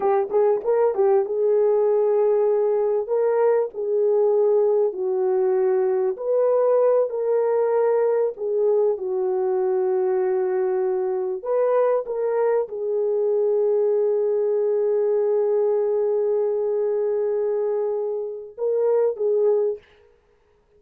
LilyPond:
\new Staff \with { instrumentName = "horn" } { \time 4/4 \tempo 4 = 97 g'8 gis'8 ais'8 g'8 gis'2~ | gis'4 ais'4 gis'2 | fis'2 b'4. ais'8~ | ais'4. gis'4 fis'4.~ |
fis'2~ fis'8 b'4 ais'8~ | ais'8 gis'2.~ gis'8~ | gis'1~ | gis'2 ais'4 gis'4 | }